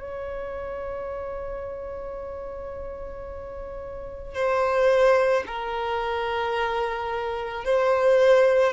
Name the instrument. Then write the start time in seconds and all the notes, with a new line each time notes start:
violin
0.00 C#5
4.34 C5
5.46 A#4
7.64 C5